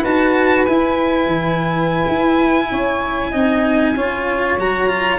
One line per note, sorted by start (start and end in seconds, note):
0.00 0.67 D#4
0.00 0.67 F#4
0.00 2.66 B4
0.00 0.65 A5
0.65 1.26 E4
0.65 3.32 E4
0.65 4.56 G#5
1.26 2.04 E3
2.08 2.70 E4
2.71 3.33 C#4
2.71 3.30 C#5
3.30 3.96 C4
3.30 3.95 D#4
3.30 3.93 D#5
3.95 4.58 C#4
3.95 4.58 F4
3.95 5.19 C#5
4.58 5.19 F#3
4.58 4.88 F#4
4.58 5.19 A#5
4.88 5.19 F4